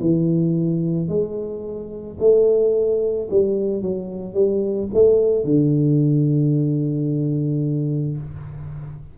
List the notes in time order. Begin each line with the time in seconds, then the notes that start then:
0.00 E3
1.08 G#3
2.19 A3
3.30 G3
3.81 F#3
4.33 G3
4.93 A3
5.44 D3